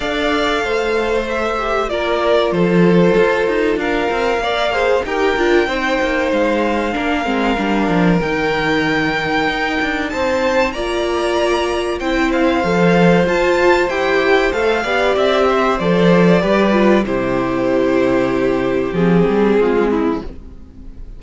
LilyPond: <<
  \new Staff \with { instrumentName = "violin" } { \time 4/4 \tempo 4 = 95 f''2 e''4 d''4 | c''2 f''2 | g''2 f''2~ | f''4 g''2. |
a''4 ais''2 g''8 f''8~ | f''4 a''4 g''4 f''4 | e''4 d''2 c''4~ | c''2 gis'2 | }
  \new Staff \with { instrumentName = "violin" } { \time 4/4 d''4 c''2 ais'4 | a'2 ais'4 d''8 c''8 | ais'4 c''2 ais'4~ | ais'1 |
c''4 d''2 c''4~ | c''2.~ c''8 d''8~ | d''8 c''4. b'4 g'4~ | g'2. f'8 e'8 | }
  \new Staff \with { instrumentName = "viola" } { \time 4/4 a'2~ a'8 g'8 f'4~ | f'2. ais'8 gis'8 | g'8 f'8 dis'2 d'8 c'8 | d'4 dis'2.~ |
dis'4 f'2 e'4 | a'4 f'4 g'4 a'8 g'8~ | g'4 a'4 g'8 f'8 e'4~ | e'2 c'2 | }
  \new Staff \with { instrumentName = "cello" } { \time 4/4 d'4 a2 ais4 | f4 f'8 dis'8 d'8 c'8 ais4 | dis'8 d'8 c'8 ais8 gis4 ais8 gis8 | g8 f8 dis2 dis'8 d'8 |
c'4 ais2 c'4 | f4 f'4 e'4 a8 b8 | c'4 f4 g4 c4~ | c2 f8 g8 gis4 | }
>>